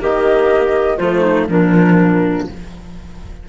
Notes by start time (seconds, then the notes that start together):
0.00 D#3 A#3 G4 D#5
0.98 F3 A3 F4 C5
1.21 D#4
1.49 A#2 F3 D4 A#4